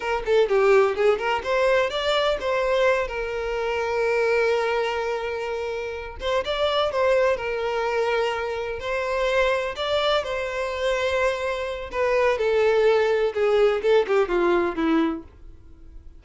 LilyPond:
\new Staff \with { instrumentName = "violin" } { \time 4/4 \tempo 4 = 126 ais'8 a'8 g'4 gis'8 ais'8 c''4 | d''4 c''4. ais'4.~ | ais'1~ | ais'4 c''8 d''4 c''4 ais'8~ |
ais'2~ ais'8 c''4.~ | c''8 d''4 c''2~ c''8~ | c''4 b'4 a'2 | gis'4 a'8 g'8 f'4 e'4 | }